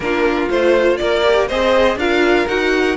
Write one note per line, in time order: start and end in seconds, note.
0.00 0.48 A#3
0.00 0.50 D4
0.00 1.00 F4
0.00 0.49 A#4
0.50 0.99 A3
0.50 1.24 F4
0.50 0.97 C5
0.97 1.50 A#3
0.97 1.47 A#4
0.97 1.46 D5
1.24 1.49 G4
1.47 1.95 C4
1.47 1.99 G#4
1.47 1.97 C5
1.47 1.98 D#5
1.95 2.45 D4
1.95 2.47 F4
1.95 2.96 A#4
1.95 2.48 F5
2.47 2.96 D#4
2.47 2.96 F#4
2.47 2.96 F#5